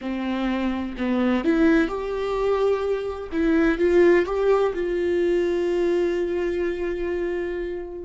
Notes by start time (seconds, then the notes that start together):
0.01 C4
0.97 B3
1.44 E4
1.87 G4
3.32 E4
3.78 F4
4.25 G4
4.74 F4